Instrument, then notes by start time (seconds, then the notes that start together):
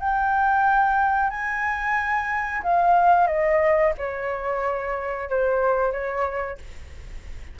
flute
0.00 G5
1.30 G#5
2.63 F5
3.27 D#5
3.98 C#5
5.29 C5
5.92 C#5